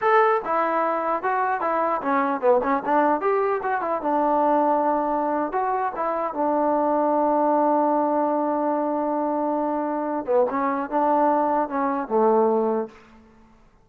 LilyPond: \new Staff \with { instrumentName = "trombone" } { \time 4/4 \tempo 4 = 149 a'4 e'2 fis'4 | e'4 cis'4 b8 cis'8 d'4 | g'4 fis'8 e'8 d'2~ | d'4.~ d'16 fis'4 e'4 d'16~ |
d'1~ | d'1~ | d'4. b8 cis'4 d'4~ | d'4 cis'4 a2 | }